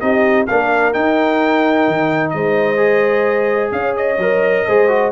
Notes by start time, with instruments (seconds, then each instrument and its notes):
0.00 tuba C4, trombone D#4, horn G4, trumpet D#5
0.47 tuba A#3, trombone D4, horn A#4, trumpet F5
0.93 trombone D#4, tuba D#4, trumpet G5
1.88 tuba D#3
2.30 tuba G#3, horn C5, trumpet D#5
2.77 trombone G#4
3.71 tuba C#4, horn C#5, trumpet F5
3.96 trumpet D#5
4.17 tuba F#3, trombone A#4
4.66 tuba G#3, trombone G#4, horn C5
4.88 trombone F#4